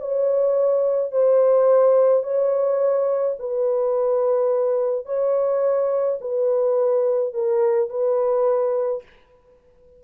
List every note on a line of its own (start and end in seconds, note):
0.00 1.11 C#5
1.11 2.23 C5
2.23 3.36 C#5
3.39 5.06 B4
5.06 6.19 C#5
6.21 7.33 B4
7.33 7.89 A#4
7.89 9.03 B4